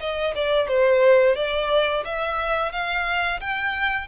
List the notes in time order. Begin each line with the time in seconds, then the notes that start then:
0.00 D#5
0.35 D5
0.68 C5
1.36 D5
2.05 E5
2.72 F5
3.40 G5